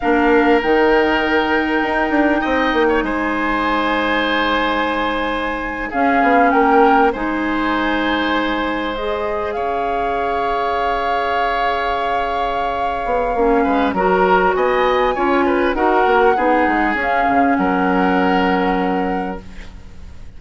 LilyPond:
<<
  \new Staff \with { instrumentName = "flute" } { \time 4/4 \tempo 4 = 99 f''4 g''2.~ | g''4 gis''2.~ | gis''4.~ gis''16 f''4 g''4 gis''16~ | gis''2~ gis''8. dis''4 f''16~ |
f''1~ | f''2. ais''4 | gis''2 fis''2 | f''4 fis''2. | }
  \new Staff \with { instrumentName = "oboe" } { \time 4/4 ais'1 | dis''8. cis''16 c''2.~ | c''4.~ c''16 gis'4 ais'4 c''16~ | c''2.~ c''8. cis''16~ |
cis''1~ | cis''2~ cis''8 b'8 ais'4 | dis''4 cis''8 b'8 ais'4 gis'4~ | gis'4 ais'2. | }
  \new Staff \with { instrumentName = "clarinet" } { \time 4/4 d'4 dis'2.~ | dis'1~ | dis'4.~ dis'16 cis'2 dis'16~ | dis'2~ dis'8. gis'4~ gis'16~ |
gis'1~ | gis'2 cis'4 fis'4~ | fis'4 f'4 fis'4 dis'4 | cis'1 | }
  \new Staff \with { instrumentName = "bassoon" } { \time 4/4 ais4 dis2 dis'8 d'8 | c'8 ais8 gis2.~ | gis4.~ gis16 cis'8 b8 ais4 gis16~ | gis2.~ gis8. cis'16~ |
cis'1~ | cis'4. b8 ais8 gis8 fis4 | b4 cis'4 dis'8 ais8 b8 gis8 | cis'8 cis8 fis2. | }
>>